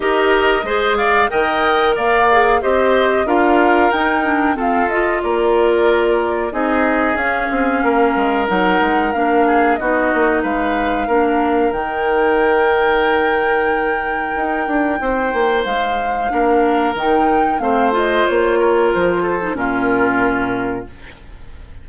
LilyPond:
<<
  \new Staff \with { instrumentName = "flute" } { \time 4/4 \tempo 4 = 92 dis''4. f''8 g''4 f''4 | dis''4 f''4 g''4 f''8 dis''8 | d''2 dis''4 f''4~ | f''4 fis''4 f''4 dis''4 |
f''2 g''2~ | g''1 | f''2 g''4 f''8 dis''8 | cis''4 c''4 ais'2 | }
  \new Staff \with { instrumentName = "oboe" } { \time 4/4 ais'4 c''8 d''8 dis''4 d''4 | c''4 ais'2 a'4 | ais'2 gis'2 | ais'2~ ais'8 gis'8 fis'4 |
b'4 ais'2.~ | ais'2. c''4~ | c''4 ais'2 c''4~ | c''8 ais'4 a'8 f'2 | }
  \new Staff \with { instrumentName = "clarinet" } { \time 4/4 g'4 gis'4 ais'4. gis'8 | g'4 f'4 dis'8 d'8 c'8 f'8~ | f'2 dis'4 cis'4~ | cis'4 dis'4 d'4 dis'4~ |
dis'4 d'4 dis'2~ | dis'1~ | dis'4 d'4 dis'4 c'8 f'8~ | f'4.~ f'16 dis'16 cis'2 | }
  \new Staff \with { instrumentName = "bassoon" } { \time 4/4 dis'4 gis4 dis4 ais4 | c'4 d'4 dis'4 f'4 | ais2 c'4 cis'8 c'8 | ais8 gis8 fis8 gis8 ais4 b8 ais8 |
gis4 ais4 dis2~ | dis2 dis'8 d'8 c'8 ais8 | gis4 ais4 dis4 a4 | ais4 f4 ais,2 | }
>>